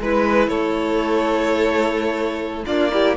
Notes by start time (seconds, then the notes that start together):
0.00 G#3 E4 B4
0.48 A3 A4 C#5
2.66 A#3 D4 F4 D5
2.90 E4 G4